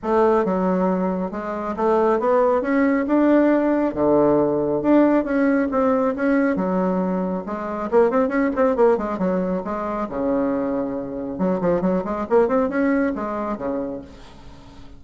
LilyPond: \new Staff \with { instrumentName = "bassoon" } { \time 4/4 \tempo 4 = 137 a4 fis2 gis4 | a4 b4 cis'4 d'4~ | d'4 d2 d'4 | cis'4 c'4 cis'4 fis4~ |
fis4 gis4 ais8 c'8 cis'8 c'8 | ais8 gis8 fis4 gis4 cis4~ | cis2 fis8 f8 fis8 gis8 | ais8 c'8 cis'4 gis4 cis4 | }